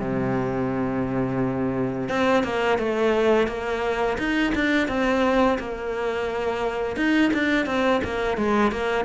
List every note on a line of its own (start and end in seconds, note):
0.00 2.09 C3
2.09 2.44 C4
2.44 2.79 A#3
2.79 3.48 A3
3.48 4.18 A#3
4.19 4.53 D#4
4.55 4.88 D4
4.88 5.58 C4
5.59 6.97 A#3
6.97 7.32 D#4
7.34 7.66 D4
7.66 8.01 C4
8.04 8.38 A#3
8.38 8.72 G#3
8.72 9.05 A#3